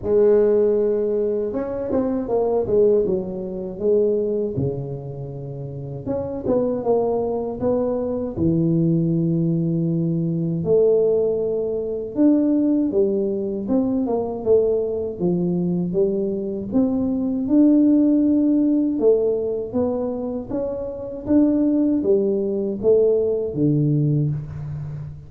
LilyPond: \new Staff \with { instrumentName = "tuba" } { \time 4/4 \tempo 4 = 79 gis2 cis'8 c'8 ais8 gis8 | fis4 gis4 cis2 | cis'8 b8 ais4 b4 e4~ | e2 a2 |
d'4 g4 c'8 ais8 a4 | f4 g4 c'4 d'4~ | d'4 a4 b4 cis'4 | d'4 g4 a4 d4 | }